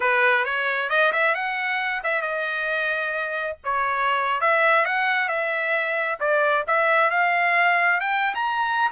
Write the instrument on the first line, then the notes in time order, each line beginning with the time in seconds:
trumpet
0.00 B4
0.44 C#5
0.89 D#5
1.12 E5
1.34 F#5
2.03 E5
2.21 D#5
3.64 C#5
4.40 E5
4.85 F#5
5.28 E5
6.19 D5
6.67 E5
7.10 F5
8.00 G5
8.34 A#5